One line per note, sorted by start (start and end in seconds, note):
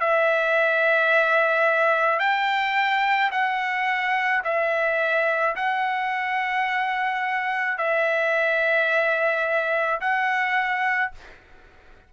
0.00 2.19 E5
2.19 3.30 G5
3.31 4.42 F#5
4.44 5.55 E5
5.55 7.77 F#5
7.77 9.99 E5
10.01 11.12 F#5